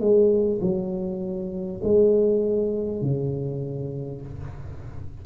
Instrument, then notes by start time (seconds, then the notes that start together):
tuba
0.00 G#3
0.61 F#3
1.83 G#3
3.01 C#3